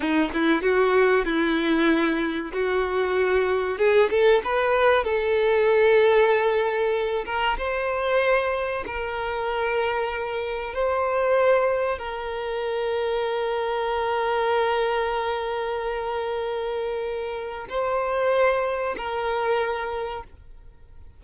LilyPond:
\new Staff \with { instrumentName = "violin" } { \time 4/4 \tempo 4 = 95 dis'8 e'8 fis'4 e'2 | fis'2 gis'8 a'8 b'4 | a'2.~ a'8 ais'8 | c''2 ais'2~ |
ais'4 c''2 ais'4~ | ais'1~ | ais'1 | c''2 ais'2 | }